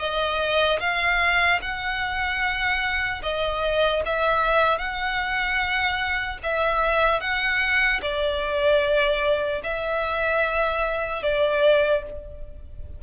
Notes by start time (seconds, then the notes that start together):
0.00 D#5
0.80 F5
1.62 F#5
3.23 D#5
4.06 E5
4.79 F#5
6.44 E5
7.21 F#5
8.02 D5
9.64 E5
11.23 D5